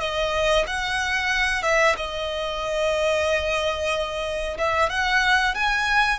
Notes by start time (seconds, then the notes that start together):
0.00 D#5
0.66 F#5
1.62 E5
1.96 D#5
4.57 E5
4.89 F#5
5.54 G#5